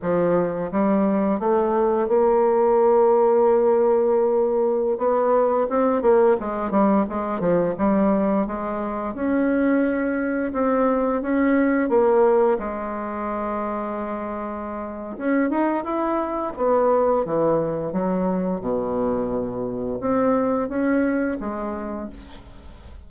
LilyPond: \new Staff \with { instrumentName = "bassoon" } { \time 4/4 \tempo 4 = 87 f4 g4 a4 ais4~ | ais2.~ ais16 b8.~ | b16 c'8 ais8 gis8 g8 gis8 f8 g8.~ | g16 gis4 cis'2 c'8.~ |
c'16 cis'4 ais4 gis4.~ gis16~ | gis2 cis'8 dis'8 e'4 | b4 e4 fis4 b,4~ | b,4 c'4 cis'4 gis4 | }